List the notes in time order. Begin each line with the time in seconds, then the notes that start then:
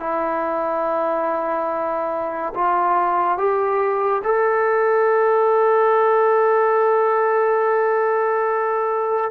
0.00 E4
2.55 F4
3.38 G4
4.24 A4